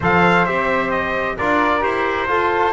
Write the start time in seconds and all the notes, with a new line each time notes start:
0.00 F3 A4 C5 F5
0.45 C4 G4 E5
0.90 D#5
1.36 D4 F4 A#4 D5
1.80 E4 G4 C5
2.27 F4 A4